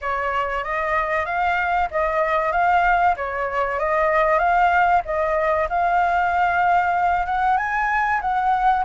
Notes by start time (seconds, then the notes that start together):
0.01 C#5
0.63 D#5
1.25 F5
1.91 D#5
2.51 F5
3.16 C#5
3.79 D#5
4.38 F5
5.05 D#5
5.69 F5
7.26 F#5
7.57 G#5
8.21 F#5